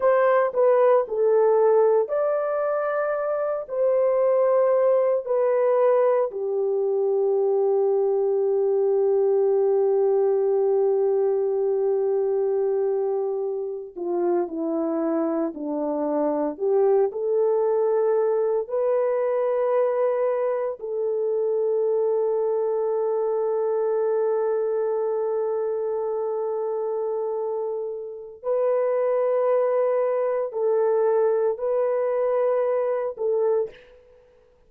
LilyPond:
\new Staff \with { instrumentName = "horn" } { \time 4/4 \tempo 4 = 57 c''8 b'8 a'4 d''4. c''8~ | c''4 b'4 g'2~ | g'1~ | g'4~ g'16 f'8 e'4 d'4 g'16~ |
g'16 a'4. b'2 a'16~ | a'1~ | a'2. b'4~ | b'4 a'4 b'4. a'8 | }